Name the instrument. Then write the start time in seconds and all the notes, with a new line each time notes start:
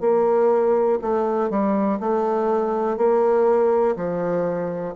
bassoon
0.00 A#3
1.01 A3
1.50 G3
2.00 A3
2.97 A#3
3.96 F3